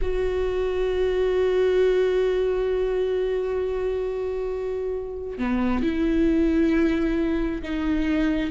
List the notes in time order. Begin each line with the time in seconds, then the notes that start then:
0.01 F#4
5.38 B3
5.82 E4
7.62 D#4